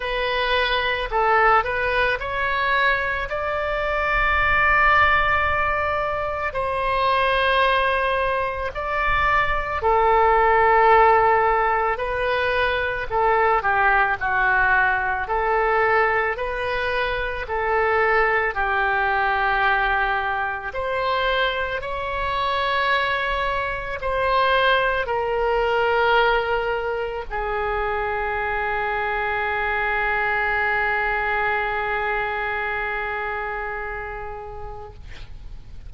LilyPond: \new Staff \with { instrumentName = "oboe" } { \time 4/4 \tempo 4 = 55 b'4 a'8 b'8 cis''4 d''4~ | d''2 c''2 | d''4 a'2 b'4 | a'8 g'8 fis'4 a'4 b'4 |
a'4 g'2 c''4 | cis''2 c''4 ais'4~ | ais'4 gis'2.~ | gis'1 | }